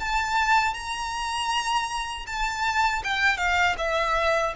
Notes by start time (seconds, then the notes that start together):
0.00 A5
0.74 A#5
2.27 A5
3.04 G5
3.38 F5
3.78 E5